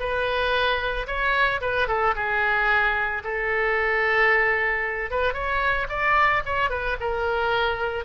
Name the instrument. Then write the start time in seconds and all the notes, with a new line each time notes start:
oboe
0.00 B4
1.07 C#5
1.61 B4
1.88 A4
2.16 G#4
3.24 A4
5.11 B4
5.34 C#5
5.89 D5
6.46 C#5
6.70 B4
7.01 A#4